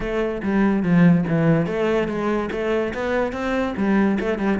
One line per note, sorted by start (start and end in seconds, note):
0.00 0.41 A3
0.42 0.82 G3
0.82 1.24 F3
1.27 1.66 E3
1.66 2.08 A3
2.08 2.49 G#3
2.51 2.93 A3
2.93 3.32 B3
3.32 3.74 C4
3.76 4.18 G3
4.20 4.38 A3
4.38 4.59 G3